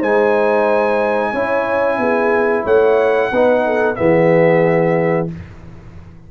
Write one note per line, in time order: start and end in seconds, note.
0.00 1.33 G#3
0.00 1.35 D#4
0.00 1.32 C5
0.00 2.67 G#5
1.32 1.99 C#4
1.32 3.33 E4
1.32 1.98 C#5
1.99 2.65 B3
1.99 2.64 G#4
2.64 3.32 A3
2.64 3.30 C#5
2.64 3.96 F#5
3.32 3.98 B3
3.32 3.96 D#4
3.32 3.65 B4
3.66 3.98 A4
3.96 5.32 E3
3.96 5.28 B3
3.96 5.31 G#4
3.96 5.28 E5